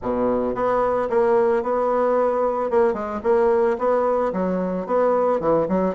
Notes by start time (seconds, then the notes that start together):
0.02 B2
0.54 B3
1.09 A#3
1.62 B3
2.70 A#3
2.93 G#3
3.23 A#3
3.78 B3
4.32 F#3
4.86 B3
5.40 E3
5.68 F#3